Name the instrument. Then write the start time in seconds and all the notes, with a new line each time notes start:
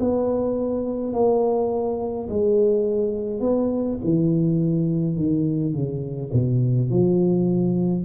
tuba
0.00 B3
1.13 A#3
2.29 G#3
3.41 B3
4.04 E3
5.17 D#3
5.74 C#3
6.34 B2
6.90 F3